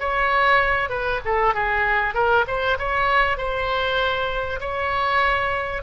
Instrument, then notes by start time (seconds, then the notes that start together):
oboe
0.00 C#5
0.90 B4
1.26 A4
1.55 G#4
2.15 A#4
2.48 C5
2.79 C#5
3.38 C5
4.61 C#5